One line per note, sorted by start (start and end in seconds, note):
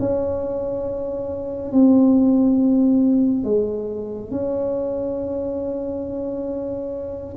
0.00 1.72 C#4
1.72 3.44 C4
3.44 4.31 G#3
4.31 7.36 C#4